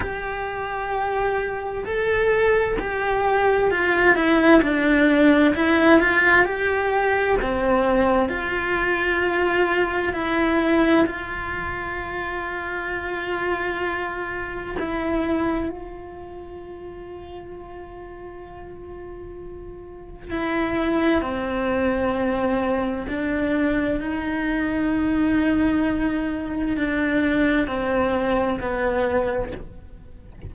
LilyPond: \new Staff \with { instrumentName = "cello" } { \time 4/4 \tempo 4 = 65 g'2 a'4 g'4 | f'8 e'8 d'4 e'8 f'8 g'4 | c'4 f'2 e'4 | f'1 |
e'4 f'2.~ | f'2 e'4 c'4~ | c'4 d'4 dis'2~ | dis'4 d'4 c'4 b4 | }